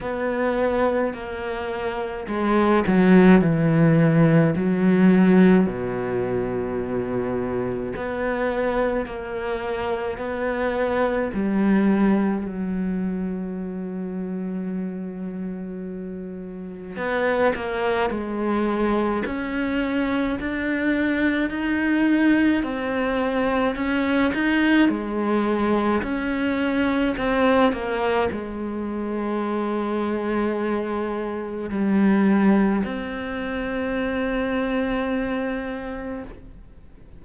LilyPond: \new Staff \with { instrumentName = "cello" } { \time 4/4 \tempo 4 = 53 b4 ais4 gis8 fis8 e4 | fis4 b,2 b4 | ais4 b4 g4 fis4~ | fis2. b8 ais8 |
gis4 cis'4 d'4 dis'4 | c'4 cis'8 dis'8 gis4 cis'4 | c'8 ais8 gis2. | g4 c'2. | }